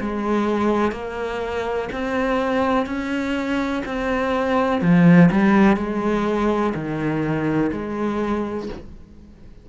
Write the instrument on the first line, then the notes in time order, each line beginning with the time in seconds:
cello
0.00 G#3
0.92 A#3
1.93 C4
2.86 C#4
3.86 C4
4.82 F3
5.31 G3
5.77 G#3
6.75 D#3
7.72 G#3